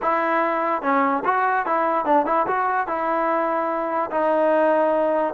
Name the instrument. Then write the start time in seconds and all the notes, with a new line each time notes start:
trombone
0.02 E4
0.82 C#4
1.24 F#4
1.66 E4
2.05 D4
2.25 E4
2.47 F#4
2.87 E4
4.10 D#4